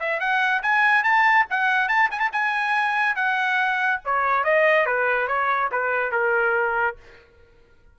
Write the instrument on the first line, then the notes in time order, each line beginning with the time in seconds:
trumpet
0.00 E5
0.20 F#5
0.63 G#5
1.04 A5
1.50 F#5
1.89 A5
2.11 G#5
2.20 A5
2.33 G#5
3.16 F#5
4.05 C#5
4.45 D#5
4.86 B4
5.28 C#5
5.72 B4
6.12 A#4